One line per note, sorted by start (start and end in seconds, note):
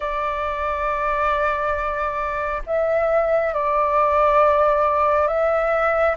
0.00 2.62 D5
2.66 3.53 E5
3.53 5.27 D5
5.27 6.15 E5